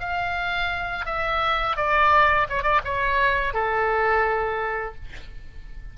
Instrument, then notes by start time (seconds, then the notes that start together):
oboe
0.00 F5
1.06 E5
1.77 D5
2.50 C#5
2.63 D5
2.85 C#5
3.54 A4